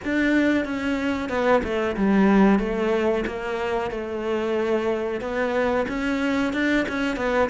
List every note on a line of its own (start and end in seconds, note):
0.04 0.65 D4
0.65 1.29 C#4
1.29 1.61 B3
1.63 1.96 A3
1.96 2.59 G3
2.59 3.24 A3
3.26 3.90 A#3
3.90 5.20 A3
5.20 5.85 B3
5.88 6.53 C#4
6.53 6.86 D4
6.88 7.16 C#4
7.16 7.49 B3